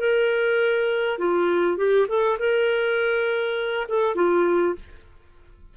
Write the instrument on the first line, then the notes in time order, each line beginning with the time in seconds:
clarinet
0.00 A#4
1.19 F4
1.77 G4
2.08 A4
2.39 A#4
3.89 A4
4.15 F4